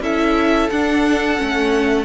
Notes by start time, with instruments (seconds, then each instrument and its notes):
0.00 cello C#4, viola E4, violin A4 E5
0.70 cello D4, viola D4, violin F#5
1.36 cello A3, viola C#4